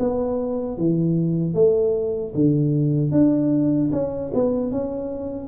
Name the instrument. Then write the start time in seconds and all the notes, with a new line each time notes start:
tuba
0.00 B3
0.78 E3
1.54 A3
2.35 D3
3.12 D4
3.93 C#4
4.35 B3
4.72 C#4